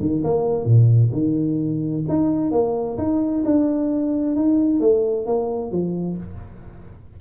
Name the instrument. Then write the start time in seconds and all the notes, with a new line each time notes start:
tuba
0.00 D#3
0.24 A#3
0.65 A#2
1.13 D#3
2.08 D#4
2.51 A#3
2.98 D#4
3.45 D4
4.36 D#4
4.80 A3
5.26 A#3
5.71 F3